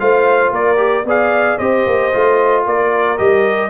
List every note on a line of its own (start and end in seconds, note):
0.00 0.51 A3
0.00 0.77 F4
0.00 0.53 C5
0.00 0.53 F5
0.51 1.04 A#3
0.51 1.06 A#4
0.51 1.08 D5
0.77 1.03 G4
1.05 1.58 B3
1.05 1.59 G#4
1.05 1.58 D5
1.05 1.59 F5
1.58 1.86 C4
1.58 2.12 G4
1.58 2.64 C5
1.58 2.65 D#5
1.86 2.13 A#3
2.13 2.66 A3
2.13 3.18 F4
2.66 3.19 A#3
2.66 3.71 A#4
2.66 3.18 D5
3.18 3.71 G3
3.18 3.71 G4
3.18 3.71 D#5